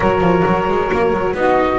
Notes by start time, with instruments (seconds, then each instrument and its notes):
0.00 double bass F#3, viola F#4, saxophone A#4, flute C#5
0.20 double bass F3
0.45 double bass F#3
0.67 double bass G#3
0.91 double bass A#3
1.12 double bass F#3
1.33 double bass B3, viola D#4, saxophone F#4, flute D#5